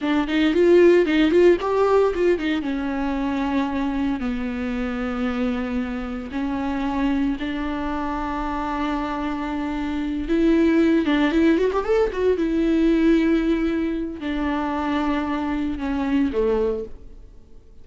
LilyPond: \new Staff \with { instrumentName = "viola" } { \time 4/4 \tempo 4 = 114 d'8 dis'8 f'4 dis'8 f'8 g'4 | f'8 dis'8 cis'2. | b1 | cis'2 d'2~ |
d'2.~ d'8 e'8~ | e'4 d'8 e'8 fis'16 g'16 a'8 fis'8 e'8~ | e'2. d'4~ | d'2 cis'4 a4 | }